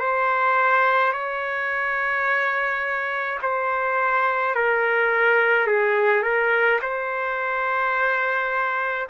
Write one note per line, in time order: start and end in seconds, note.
0.00 1.13 C5
1.13 3.39 C#5
3.42 4.55 C5
4.55 5.67 A#4
5.67 6.23 G#4
6.23 6.79 A#4
6.82 9.08 C5